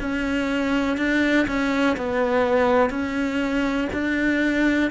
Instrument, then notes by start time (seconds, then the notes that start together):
cello
0.00 C#4
0.97 D4
1.47 C#4
1.97 B3
2.90 C#4
3.93 D4